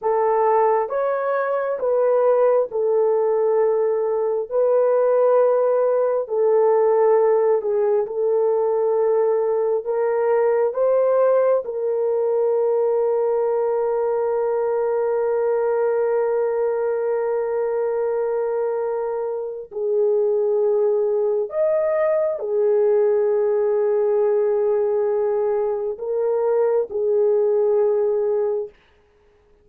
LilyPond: \new Staff \with { instrumentName = "horn" } { \time 4/4 \tempo 4 = 67 a'4 cis''4 b'4 a'4~ | a'4 b'2 a'4~ | a'8 gis'8 a'2 ais'4 | c''4 ais'2.~ |
ais'1~ | ais'2 gis'2 | dis''4 gis'2.~ | gis'4 ais'4 gis'2 | }